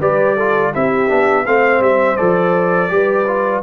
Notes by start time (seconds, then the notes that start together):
0.00 G3 G4 B4 D5
0.36 F4 A4
0.73 C4 E4 G4 E5
1.09 B3 D4
1.45 A3 C4 C5 F5
1.80 G3 E5
2.17 F3 A4 D5
2.89 G3 G4 B4
3.27 F4